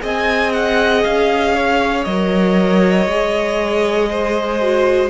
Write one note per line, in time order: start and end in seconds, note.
0.00 1.04 C4
0.00 2.03 G#4
0.00 1.54 D#5
0.00 0.53 G#5
0.53 1.03 F#5
1.04 2.06 C#4
1.04 2.04 F5
1.54 4.09 C#5
2.04 3.06 F#3
2.04 3.08 A#4
2.04 5.09 D#5
3.06 5.09 G#3
3.06 4.61 G#4
4.10 5.09 C5
4.61 5.09 F#4